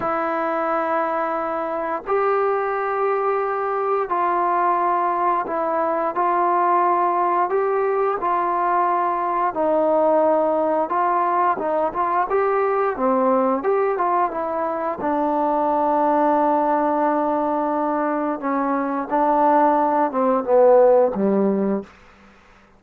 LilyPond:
\new Staff \with { instrumentName = "trombone" } { \time 4/4 \tempo 4 = 88 e'2. g'4~ | g'2 f'2 | e'4 f'2 g'4 | f'2 dis'2 |
f'4 dis'8 f'8 g'4 c'4 | g'8 f'8 e'4 d'2~ | d'2. cis'4 | d'4. c'8 b4 g4 | }